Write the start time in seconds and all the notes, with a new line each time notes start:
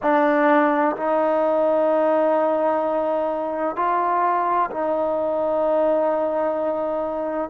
0.02 D4
0.96 D#4
3.76 F4
4.70 D#4